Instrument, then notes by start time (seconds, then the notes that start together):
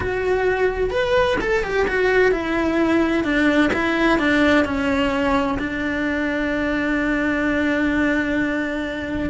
cello
0.00 F#4
0.90 B4
1.40 A4
1.63 G4
1.87 F#4
2.31 E4
3.24 D4
3.73 E4
4.18 D4
4.64 C#4
5.58 D4